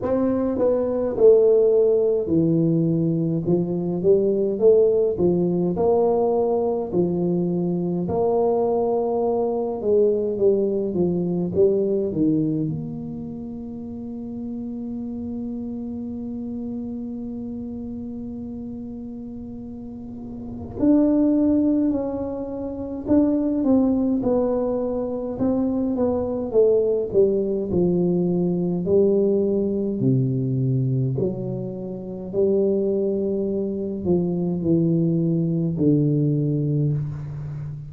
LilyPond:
\new Staff \with { instrumentName = "tuba" } { \time 4/4 \tempo 4 = 52 c'8 b8 a4 e4 f8 g8 | a8 f8 ais4 f4 ais4~ | ais8 gis8 g8 f8 g8 dis8 ais4~ | ais1~ |
ais2 d'4 cis'4 | d'8 c'8 b4 c'8 b8 a8 g8 | f4 g4 c4 fis4 | g4. f8 e4 d4 | }